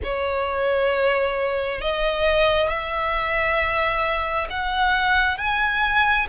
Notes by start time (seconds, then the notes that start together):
0.03 C#5
1.81 D#5
2.68 E5
4.49 F#5
5.37 G#5